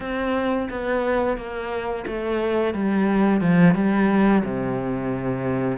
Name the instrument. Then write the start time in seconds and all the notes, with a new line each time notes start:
cello
0.00 C4
0.69 B3
1.37 A#3
2.06 A3
2.73 G3
3.41 F3
3.74 G3
4.43 C3